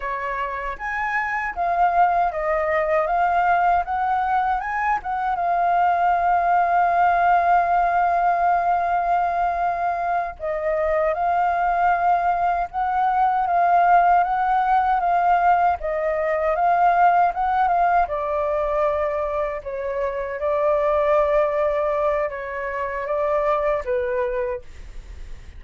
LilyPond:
\new Staff \with { instrumentName = "flute" } { \time 4/4 \tempo 4 = 78 cis''4 gis''4 f''4 dis''4 | f''4 fis''4 gis''8 fis''8 f''4~ | f''1~ | f''4. dis''4 f''4.~ |
f''8 fis''4 f''4 fis''4 f''8~ | f''8 dis''4 f''4 fis''8 f''8 d''8~ | d''4. cis''4 d''4.~ | d''4 cis''4 d''4 b'4 | }